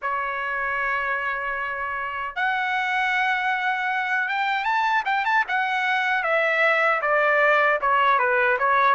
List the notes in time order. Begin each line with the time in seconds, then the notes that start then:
0.02 C#5
2.36 F#5
4.28 G5
4.64 A5
5.05 G5
5.24 A5
5.48 F#5
6.23 E5
7.01 D5
7.81 C#5
8.18 B4
8.58 C#5